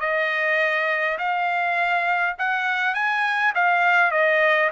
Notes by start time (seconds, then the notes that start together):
0.00 D#5
1.18 F5
2.38 F#5
2.94 G#5
3.55 F5
4.11 D#5